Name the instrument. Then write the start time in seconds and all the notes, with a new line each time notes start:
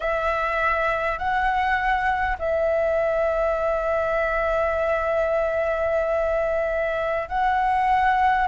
flute
0.00 E5
1.18 F#5
2.38 E5
7.29 F#5